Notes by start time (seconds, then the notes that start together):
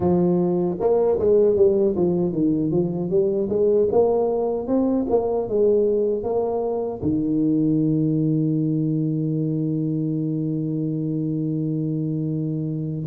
0.00 F3
0.80 A#3
1.19 G#3
1.56 G3
1.96 F3
2.32 D#3
2.71 F3
3.10 G3
3.49 G#3
3.91 A#3
4.67 C4
5.09 A#3
5.48 G#3
6.23 A#3
7.02 D#3